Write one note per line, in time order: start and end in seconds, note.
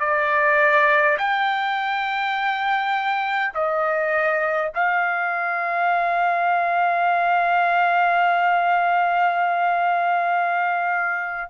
0.00 1.18 D5
1.19 3.54 G5
3.55 4.73 D#5
4.75 11.51 F5